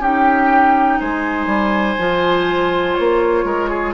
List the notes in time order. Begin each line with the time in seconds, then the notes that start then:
0.00 C#4 D#4 G4 G5
1.00 G#3 C5 G#5
1.46 G3
1.99 F3 F4
2.95 A#3 C#5
3.44 G#3 A#4
3.70 G#4